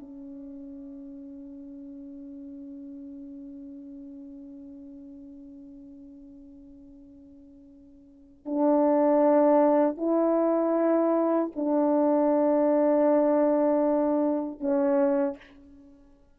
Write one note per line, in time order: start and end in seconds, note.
0.00 8.46 C#4
8.46 9.98 D4
9.98 11.52 E4
11.56 14.60 D4
14.60 15.37 C#4